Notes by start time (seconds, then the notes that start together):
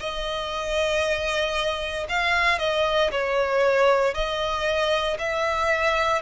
0.00 D#5
2.09 F5
2.59 D#5
3.11 C#5
4.14 D#5
5.18 E5